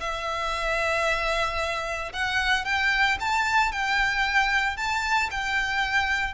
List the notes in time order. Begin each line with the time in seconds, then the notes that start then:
0.00 E5
2.13 F#5
2.65 G5
3.20 A5
3.72 G5
4.77 A5
5.31 G5